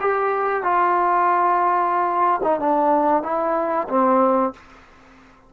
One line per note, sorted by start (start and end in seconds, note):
0.00 0.63 G4
0.63 2.40 F4
2.43 2.59 D#4
2.59 3.23 D4
3.23 3.87 E4
3.88 4.53 C4